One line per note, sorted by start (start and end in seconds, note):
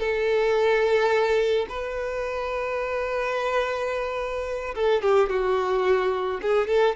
0.00 1.67 A4
1.69 4.75 B4
4.76 5.02 A4
5.02 5.30 G4
5.30 6.41 F#4
6.42 6.68 G#4
6.68 6.96 A4